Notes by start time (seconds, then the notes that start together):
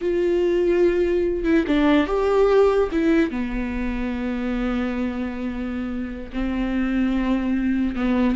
0.01 F4
1.44 E4
1.67 D4
2.06 G4
2.91 E4
3.30 B3
6.32 C4
7.95 B3